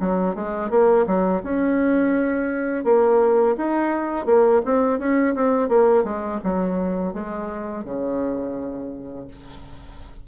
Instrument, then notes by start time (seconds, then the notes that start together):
bassoon
0.00 F#3
0.35 G#3
0.70 A#3
1.07 F#3
1.43 C#4
2.84 A#3
3.57 D#4
4.26 A#3
4.65 C4
4.99 C#4
5.35 C4
5.69 A#3
6.04 G#3
6.44 F#3
7.14 G#3
7.85 C#3